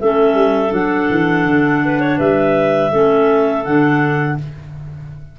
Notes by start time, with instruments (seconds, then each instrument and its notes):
0.00 tuba A3, clarinet C#4 A4 E5
0.34 tuba G3
0.69 tuba F#3, clarinet D4 F#5
1.10 tuba E3
1.46 tuba D3
1.85 clarinet B4
2.00 clarinet C#5
2.17 tuba G3, clarinet B4 E5
2.91 tuba A3, clarinet C#4 A4
3.64 tuba D3, clarinet D4 F#5